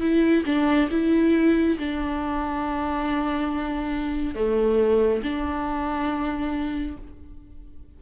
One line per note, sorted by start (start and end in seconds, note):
0.00 0.43 E4
0.45 0.89 D4
0.91 1.77 E4
1.78 4.35 D4
4.35 5.22 A3
5.23 6.97 D4